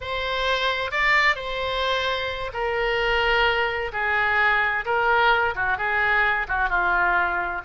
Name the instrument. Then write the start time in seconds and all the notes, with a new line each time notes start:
oboe
0.00 C5
0.91 D5
1.35 C5
2.53 A#4
3.92 G#4
4.85 A#4
5.55 F#4
5.77 G#4
6.48 F#4
6.69 F4